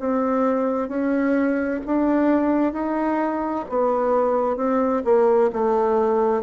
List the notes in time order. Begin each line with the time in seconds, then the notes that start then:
0.00 C4
0.89 C#4
1.86 D4
2.73 D#4
3.70 B3
4.57 C4
5.05 A#3
5.53 A3